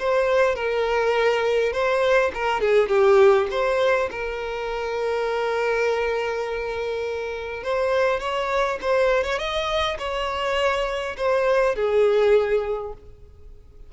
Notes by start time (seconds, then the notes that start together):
0.00 C5
0.56 A#4
1.73 C5
2.34 A#4
2.61 G#4
2.89 G4
3.51 C5
4.11 A#4
7.64 C5
8.20 C#5
8.82 C5
9.25 C#5
9.39 D#5
9.99 C#5
11.18 C5
11.76 G#4